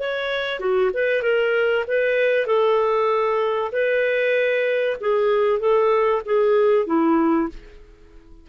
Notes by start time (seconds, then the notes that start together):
0.00 C#5
0.60 F#4
0.94 B4
1.23 A#4
1.88 B4
2.47 A4
3.72 B4
5.01 G#4
5.60 A4
6.26 G#4
6.87 E4